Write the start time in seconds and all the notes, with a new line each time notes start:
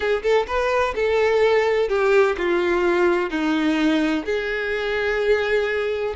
0.00 G#4
0.22 A4
0.47 B4
0.95 A4
1.89 G4
2.37 F4
3.30 D#4
4.25 G#4